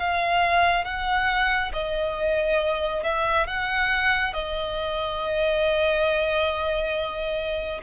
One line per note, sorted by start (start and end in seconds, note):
0.00 0.85 F5
0.85 1.72 F#5
1.74 3.04 D#5
3.04 3.47 E5
3.47 4.34 F#5
4.34 7.82 D#5